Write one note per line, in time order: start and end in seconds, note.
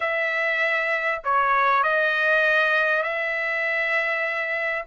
0.00 1.21 E5
1.24 1.83 C#5
1.83 3.02 D#5
3.02 4.84 E5